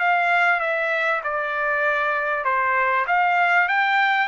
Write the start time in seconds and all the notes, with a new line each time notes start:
0.00 F5
0.60 E5
1.24 D5
2.45 C5
3.08 F5
3.68 G5